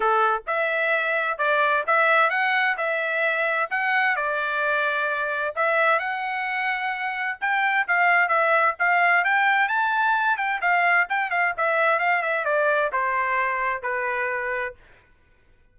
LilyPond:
\new Staff \with { instrumentName = "trumpet" } { \time 4/4 \tempo 4 = 130 a'4 e''2 d''4 | e''4 fis''4 e''2 | fis''4 d''2. | e''4 fis''2. |
g''4 f''4 e''4 f''4 | g''4 a''4. g''8 f''4 | g''8 f''8 e''4 f''8 e''8 d''4 | c''2 b'2 | }